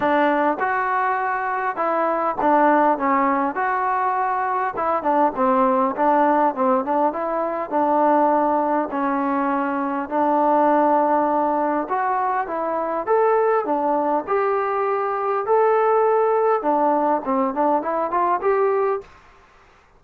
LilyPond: \new Staff \with { instrumentName = "trombone" } { \time 4/4 \tempo 4 = 101 d'4 fis'2 e'4 | d'4 cis'4 fis'2 | e'8 d'8 c'4 d'4 c'8 d'8 | e'4 d'2 cis'4~ |
cis'4 d'2. | fis'4 e'4 a'4 d'4 | g'2 a'2 | d'4 c'8 d'8 e'8 f'8 g'4 | }